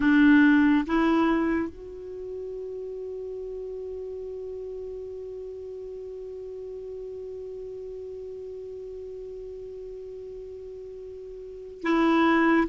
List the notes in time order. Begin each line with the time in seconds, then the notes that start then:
0.00 D4
0.86 E4
1.69 F#4
11.82 E4